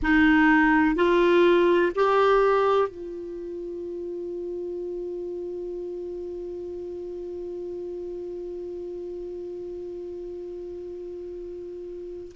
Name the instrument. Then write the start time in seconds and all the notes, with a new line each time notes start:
clarinet
0.02 D#4
0.95 F4
1.95 G4
2.88 F4